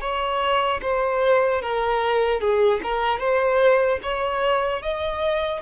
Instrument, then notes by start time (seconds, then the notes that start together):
violin
0.00 C#5
0.81 C5
1.61 A#4
2.40 G#4
2.83 A#4
3.19 C5
4.02 C#5
4.82 D#5